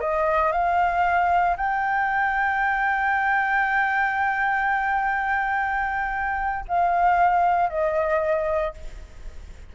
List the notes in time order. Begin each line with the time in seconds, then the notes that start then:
0.00 D#5
0.52 F5
1.56 G5
6.68 F5
7.69 D#5